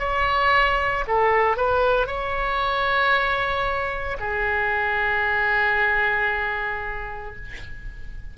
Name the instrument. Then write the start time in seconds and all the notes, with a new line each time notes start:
oboe
0.00 C#5
1.08 A4
1.57 B4
2.07 C#5
4.20 G#4